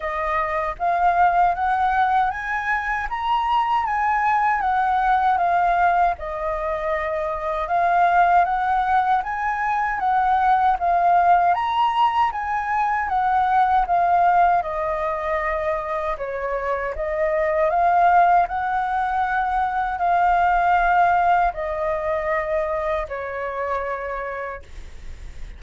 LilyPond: \new Staff \with { instrumentName = "flute" } { \time 4/4 \tempo 4 = 78 dis''4 f''4 fis''4 gis''4 | ais''4 gis''4 fis''4 f''4 | dis''2 f''4 fis''4 | gis''4 fis''4 f''4 ais''4 |
gis''4 fis''4 f''4 dis''4~ | dis''4 cis''4 dis''4 f''4 | fis''2 f''2 | dis''2 cis''2 | }